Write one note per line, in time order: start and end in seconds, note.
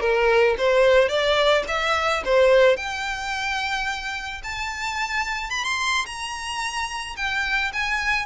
0.00 0.55 A#4
0.58 1.08 C5
1.08 1.63 D5
1.68 2.23 E5
2.25 2.76 C5
2.76 4.42 G5
4.43 5.50 A5
5.50 5.64 B5
5.64 6.05 C6
6.06 7.16 A#5
7.16 7.71 G5
7.73 8.26 G#5